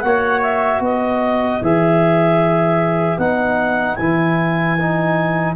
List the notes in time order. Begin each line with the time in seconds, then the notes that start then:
0.00 A#3 F#4 C#5 F#5
0.42 E5
0.80 B3 B4 D#5
1.61 E3 G#4 E5
3.17 B3 D#4 F#5
3.95 E3 E4 G#5
4.78 D#4